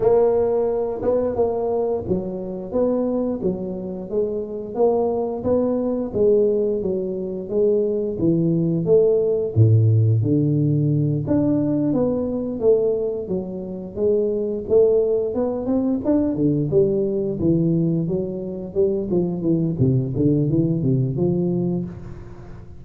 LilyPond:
\new Staff \with { instrumentName = "tuba" } { \time 4/4 \tempo 4 = 88 ais4. b8 ais4 fis4 | b4 fis4 gis4 ais4 | b4 gis4 fis4 gis4 | e4 a4 a,4 d4~ |
d8 d'4 b4 a4 fis8~ | fis8 gis4 a4 b8 c'8 d'8 | d8 g4 e4 fis4 g8 | f8 e8 c8 d8 e8 c8 f4 | }